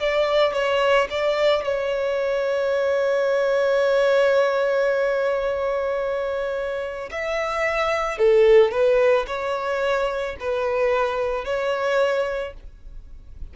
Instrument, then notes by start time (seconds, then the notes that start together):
violin
0.00 D5
0.54 C#5
1.11 D5
1.65 C#5
7.11 E5
8.19 A4
8.72 B4
9.27 C#5
10.40 B4
11.45 C#5